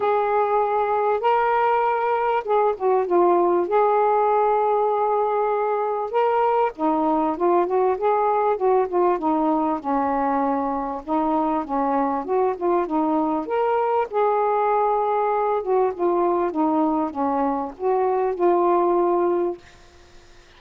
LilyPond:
\new Staff \with { instrumentName = "saxophone" } { \time 4/4 \tempo 4 = 98 gis'2 ais'2 | gis'8 fis'8 f'4 gis'2~ | gis'2 ais'4 dis'4 | f'8 fis'8 gis'4 fis'8 f'8 dis'4 |
cis'2 dis'4 cis'4 | fis'8 f'8 dis'4 ais'4 gis'4~ | gis'4. fis'8 f'4 dis'4 | cis'4 fis'4 f'2 | }